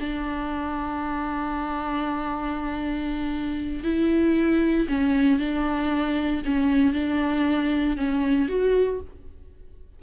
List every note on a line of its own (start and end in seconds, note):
0.00 3.84 D4
3.84 4.87 E4
4.88 5.39 C#4
5.39 6.43 D4
6.45 6.93 C#4
6.93 7.97 D4
7.97 8.49 C#4
8.49 9.00 F#4